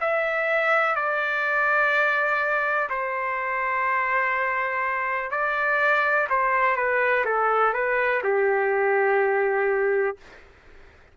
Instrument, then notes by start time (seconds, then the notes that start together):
trumpet
0.00 E5
0.95 D5
2.89 C5
5.30 D5
6.29 C5
6.76 B4
7.24 A4
7.73 B4
8.23 G4